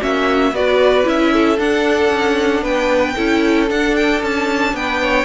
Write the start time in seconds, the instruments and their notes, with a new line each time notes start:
0.00 cello A#3, viola C#4, violin F#4 E5
0.52 cello B3, viola F#4, violin B4 D5
1.04 cello C#4, viola E4, violin E5
1.33 violin A4
1.57 viola D4, cello D4, violin F#5
2.10 cello C#4
2.62 cello B3, violin B4 G5
3.15 cello C#4, viola E4, violin A4
3.68 viola D4, cello D4, violin F#5
3.95 violin G5
4.22 cello C#4, violin A5
4.73 cello B3, violin B4 G5
5.02 violin C#5